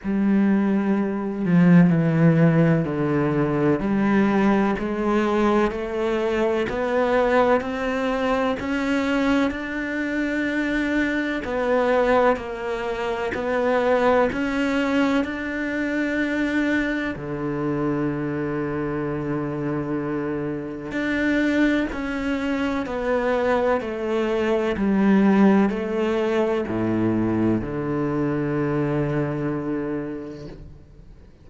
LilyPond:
\new Staff \with { instrumentName = "cello" } { \time 4/4 \tempo 4 = 63 g4. f8 e4 d4 | g4 gis4 a4 b4 | c'4 cis'4 d'2 | b4 ais4 b4 cis'4 |
d'2 d2~ | d2 d'4 cis'4 | b4 a4 g4 a4 | a,4 d2. | }